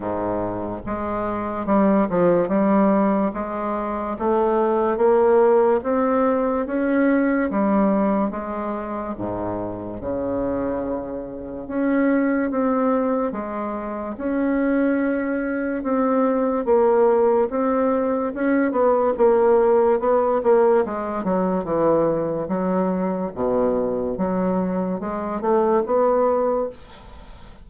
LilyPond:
\new Staff \with { instrumentName = "bassoon" } { \time 4/4 \tempo 4 = 72 gis,4 gis4 g8 f8 g4 | gis4 a4 ais4 c'4 | cis'4 g4 gis4 gis,4 | cis2 cis'4 c'4 |
gis4 cis'2 c'4 | ais4 c'4 cis'8 b8 ais4 | b8 ais8 gis8 fis8 e4 fis4 | b,4 fis4 gis8 a8 b4 | }